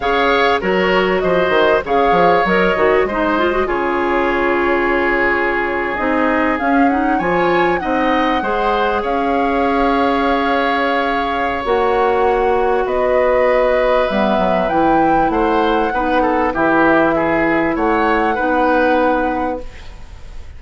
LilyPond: <<
  \new Staff \with { instrumentName = "flute" } { \time 4/4 \tempo 4 = 98 f''4 cis''4 dis''4 f''4 | dis''2 cis''2~ | cis''4.~ cis''16 dis''4 f''8 fis''8 gis''16~ | gis''8. fis''2 f''4~ f''16~ |
f''2. fis''4~ | fis''4 dis''2 e''4 | g''4 fis''2 e''4~ | e''4 fis''2. | }
  \new Staff \with { instrumentName = "oboe" } { \time 4/4 cis''4 ais'4 c''4 cis''4~ | cis''4 c''4 gis'2~ | gis'2.~ gis'8. cis''16~ | cis''8. dis''4 c''4 cis''4~ cis''16~ |
cis''1~ | cis''4 b'2.~ | b'4 c''4 b'8 a'8 g'4 | gis'4 cis''4 b'2 | }
  \new Staff \with { instrumentName = "clarinet" } { \time 4/4 gis'4 fis'2 gis'4 | ais'8 fis'8 dis'8 f'16 fis'16 f'2~ | f'4.~ f'16 dis'4 cis'8 dis'8 f'16~ | f'8. dis'4 gis'2~ gis'16~ |
gis'2. fis'4~ | fis'2. b4 | e'2 dis'4 e'4~ | e'2 dis'2 | }
  \new Staff \with { instrumentName = "bassoon" } { \time 4/4 cis4 fis4 f8 dis8 cis8 f8 | fis8 dis8 gis4 cis2~ | cis4.~ cis16 c'4 cis'4 f16~ | f8. c'4 gis4 cis'4~ cis'16~ |
cis'2. ais4~ | ais4 b2 g8 fis8 | e4 a4 b4 e4~ | e4 a4 b2 | }
>>